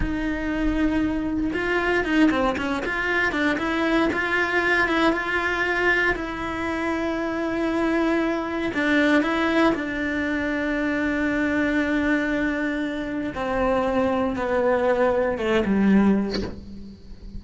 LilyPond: \new Staff \with { instrumentName = "cello" } { \time 4/4 \tempo 4 = 117 dis'2. f'4 | dis'8 c'8 cis'8 f'4 d'8 e'4 | f'4. e'8 f'2 | e'1~ |
e'4 d'4 e'4 d'4~ | d'1~ | d'2 c'2 | b2 a8 g4. | }